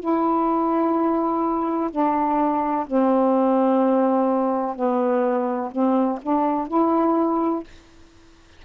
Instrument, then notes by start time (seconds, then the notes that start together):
saxophone
0.00 E4
1.91 D4
2.87 C4
4.76 B3
5.72 C4
6.23 D4
6.68 E4